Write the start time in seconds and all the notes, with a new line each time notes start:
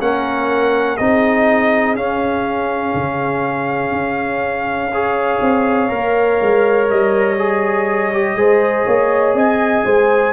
0.00 A#3 C#4 A#4 F#5
0.97 C4 D#4 G#4 D#5
1.95 C#4 F5
2.94 C#3
3.92 C#4
4.92 G#4 C#5
5.41 C4
5.89 A#3 A#4
6.41 G#3
6.90 G3 D#5
7.38 G#4
8.13 G4
8.35 G#3 G#4 C5
8.86 A#3 C#5
9.34 C4 D#5 G#5
9.85 G#3 C5